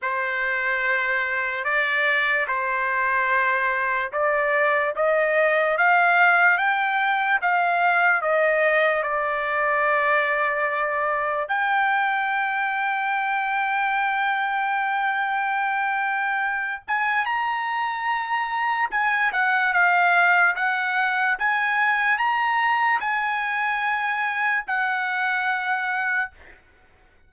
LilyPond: \new Staff \with { instrumentName = "trumpet" } { \time 4/4 \tempo 4 = 73 c''2 d''4 c''4~ | c''4 d''4 dis''4 f''4 | g''4 f''4 dis''4 d''4~ | d''2 g''2~ |
g''1~ | g''8 gis''8 ais''2 gis''8 fis''8 | f''4 fis''4 gis''4 ais''4 | gis''2 fis''2 | }